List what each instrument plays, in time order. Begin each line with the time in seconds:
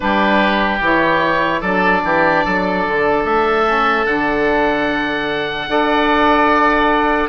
0.00 bassoon G3, saxophone D4, oboe G4 B4
0.80 bassoon E3, saxophone E4, oboe C#5
1.60 bassoon F#3, saxophone D4, oboe A4 D5
2.03 bassoon E3, oboe G4
2.45 bassoon F#3, oboe A4
2.87 bassoon D3
3.24 bassoon A3, oboe E5
3.65 saxophone C#4
4.06 bassoon D3, saxophone D4, oboe F#5
5.67 bassoon D4, saxophone A4, oboe D5